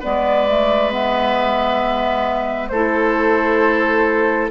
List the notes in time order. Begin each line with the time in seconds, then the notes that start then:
0.00 G#3 B3 B4 D5
0.48 A3
0.92 B3 E5
2.68 A3 E4 A4 C5